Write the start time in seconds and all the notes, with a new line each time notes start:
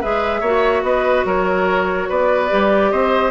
0.00 G#3 G#4 B4 E5
0.40 A#3 F#4 C#5
0.82 B3 B4 D#5
1.25 F#3 A#4 C#5
2.08 B3 B4 D5
2.49 G3 G4
2.91 C4 C5 D#5